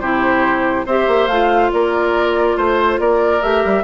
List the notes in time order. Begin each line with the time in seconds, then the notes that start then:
0.00 C3 E4 G4 C5
0.85 C4 G4 C5 E5
1.07 A#3
1.28 A3 F4 F5
1.72 A#3 A#4 D5
2.56 A3 C5
2.99 A#3 A#4 D5
3.42 A3 G4 E5
3.65 G3